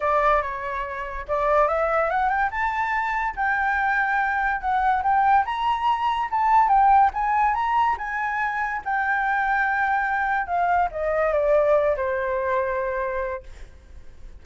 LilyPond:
\new Staff \with { instrumentName = "flute" } { \time 4/4 \tempo 4 = 143 d''4 cis''2 d''4 | e''4 fis''8 g''8 a''2 | g''2. fis''4 | g''4 ais''2 a''4 |
g''4 gis''4 ais''4 gis''4~ | gis''4 g''2.~ | g''4 f''4 dis''4 d''4~ | d''8 c''2.~ c''8 | }